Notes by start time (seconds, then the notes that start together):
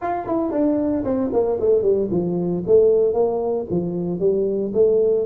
0.01 F4
0.26 E4
0.51 D4
1.04 C4
1.32 A#3
1.59 A3
1.82 G3
2.11 F3
2.66 A3
3.13 A#3
3.70 F3
4.19 G3
4.73 A3